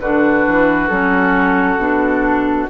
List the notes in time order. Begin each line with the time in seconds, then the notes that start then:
0.00 D3 D4 F#4 B4
0.47 E3
0.89 F#3 C#4 A4
1.77 B2 D4